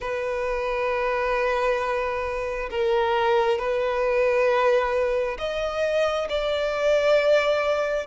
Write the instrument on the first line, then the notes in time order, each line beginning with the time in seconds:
violin
0.00 B4
2.70 A#4
3.58 B4
5.38 D#5
6.29 D5